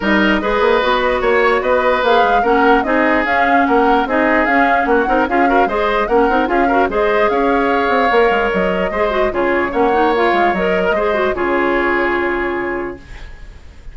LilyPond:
<<
  \new Staff \with { instrumentName = "flute" } { \time 4/4 \tempo 4 = 148 dis''2. cis''4 | dis''4 f''4 fis''4 dis''4 | f''4 fis''4 dis''4 f''4 | fis''4 f''4 dis''4 fis''4 |
f''4 dis''4 f''2~ | f''4 dis''2 cis''4 | fis''4 f''4 dis''2 | cis''1 | }
  \new Staff \with { instrumentName = "oboe" } { \time 4/4 ais'4 b'2 cis''4 | b'2 ais'4 gis'4~ | gis'4 ais'4 gis'2 | fis'8 ais'8 gis'8 ais'8 c''4 ais'4 |
gis'8 ais'8 c''4 cis''2~ | cis''2 c''4 gis'4 | cis''2~ cis''8. ais'16 c''4 | gis'1 | }
  \new Staff \with { instrumentName = "clarinet" } { \time 4/4 dis'4 gis'4 fis'2~ | fis'4 gis'4 cis'4 dis'4 | cis'2 dis'4 cis'4~ | cis'8 dis'8 f'8 fis'8 gis'4 cis'8 dis'8 |
f'8 fis'8 gis'2. | ais'2 gis'8 fis'8 f'4 | cis'8 dis'8 f'4 ais'4 gis'8 fis'8 | f'1 | }
  \new Staff \with { instrumentName = "bassoon" } { \time 4/4 g4 gis8 ais8 b4 ais4 | b4 ais8 gis8 ais4 c'4 | cis'4 ais4 c'4 cis'4 | ais8 c'8 cis'4 gis4 ais8 c'8 |
cis'4 gis4 cis'4. c'8 | ais8 gis8 fis4 gis4 cis4 | ais4. gis8 fis4 gis4 | cis1 | }
>>